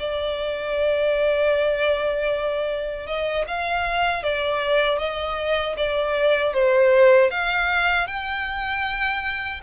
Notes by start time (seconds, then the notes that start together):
0.00 D5
3.07 D#5
3.48 F5
4.23 D5
4.99 D#5
5.78 D5
6.54 C5
7.31 F5
8.07 G5